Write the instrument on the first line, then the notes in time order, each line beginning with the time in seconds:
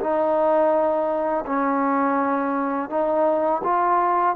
trombone
0.00 D#4
1.46 C#4
2.89 D#4
3.63 F4